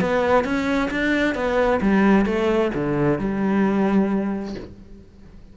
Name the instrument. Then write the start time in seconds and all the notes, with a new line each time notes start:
cello
0.00 B3
0.44 C#4
0.90 D4
1.34 B3
1.81 G3
2.25 A3
2.74 D3
3.18 G3